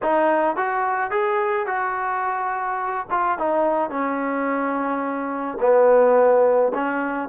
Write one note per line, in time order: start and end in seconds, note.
0.02 0.56 D#4
0.56 1.10 F#4
1.10 1.66 G#4
1.66 3.06 F#4
3.10 3.38 F4
3.38 3.89 D#4
3.89 5.58 C#4
5.60 6.72 B3
6.74 7.28 C#4